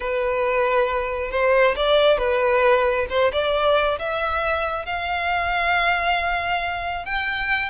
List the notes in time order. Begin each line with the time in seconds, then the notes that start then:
0.00 B4
1.31 C5
1.75 D5
2.18 B4
3.09 C5
3.32 D5
3.98 E5
4.85 F5
7.05 G5